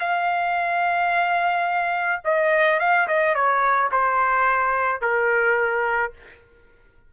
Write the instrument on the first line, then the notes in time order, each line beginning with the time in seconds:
trumpet
0.00 F5
2.25 D#5
2.80 F5
3.08 D#5
3.35 C#5
3.92 C5
5.02 A#4